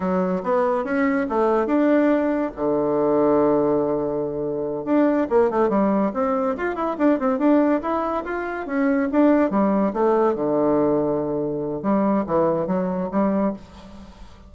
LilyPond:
\new Staff \with { instrumentName = "bassoon" } { \time 4/4 \tempo 4 = 142 fis4 b4 cis'4 a4 | d'2 d2~ | d2.~ d8 d'8~ | d'8 ais8 a8 g4 c'4 f'8 |
e'8 d'8 c'8 d'4 e'4 f'8~ | f'8 cis'4 d'4 g4 a8~ | a8 d2.~ d8 | g4 e4 fis4 g4 | }